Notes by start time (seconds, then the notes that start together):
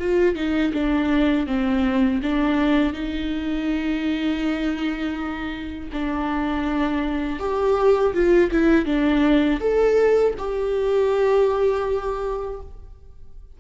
0.00 F4
0.36 D#4
0.74 D4
1.47 C4
2.23 D4
2.93 D#4
5.93 D4
7.39 G4
8.14 F4
8.52 E4
8.86 D4
9.60 A4
10.38 G4